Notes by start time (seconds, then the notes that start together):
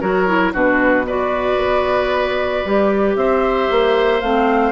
0.00 F#3 F#4 A#4 C#5
0.27 E4
0.53 B2 D4 F#4 B4
1.06 F#4 B4 D5
1.57 B3
2.65 G3 G4
3.15 C4 C5 E5
3.70 A#3
4.20 A3 C4 F5